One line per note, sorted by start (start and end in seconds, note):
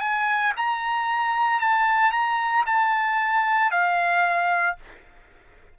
0.00 0.53 G#5
0.56 1.60 A#5
1.60 2.11 A5
2.11 2.64 A#5
2.66 3.71 A5
3.71 4.76 F5